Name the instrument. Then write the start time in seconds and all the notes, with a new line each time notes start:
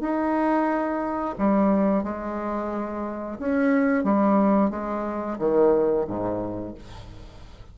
bassoon
0.00 D#4
1.38 G3
2.03 G#3
3.39 C#4
4.03 G3
4.70 G#3
5.38 D#3
6.07 G#2